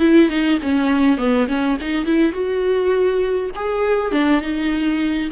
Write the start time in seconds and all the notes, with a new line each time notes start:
0.00 E4
0.29 D#4
0.63 C#4
1.18 B3
1.49 C#4
1.81 D#4
2.06 E4
2.33 F#4
3.56 G#4
4.12 D4
4.42 D#4